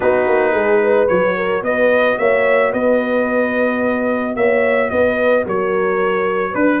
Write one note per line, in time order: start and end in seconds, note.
0.00 0.27 B3
0.00 1.08 D#4
0.00 0.52 F#4
0.00 1.08 B4
0.27 0.54 A#3
0.52 1.09 G#3
0.52 0.80 G#4
0.83 1.36 B4
1.08 1.62 F#3
1.08 6.80 F#4
1.08 1.62 C#5
1.36 1.64 A#4
1.62 2.17 B3
1.62 2.18 B4
1.62 2.18 D#5
2.18 2.73 A#3
2.18 2.72 C#5
2.18 2.72 E5
2.72 4.36 B3
2.72 4.36 B4
2.72 4.36 D#5
4.36 4.90 A#3
4.36 4.91 C#5
4.36 4.89 E5
4.89 5.46 B3
4.89 5.45 B4
4.89 5.44 D#5
5.45 6.55 F#3
5.45 6.51 A#4
5.45 6.54 C#5
6.51 6.80 D4
6.51 6.78 B4
6.51 6.80 B4